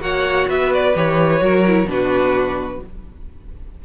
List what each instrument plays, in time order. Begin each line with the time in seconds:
0.00 cello A#3, viola F#4, violin C#5 F#5
0.48 cello B3, violin B4 E5
0.74 violin D5
0.96 cello E3, viola G4, violin C#5
1.40 cello F#3, viola F#4, violin A#4
1.67 viola E4
1.85 cello B2, viola D4, violin B4
1.92 violin F#4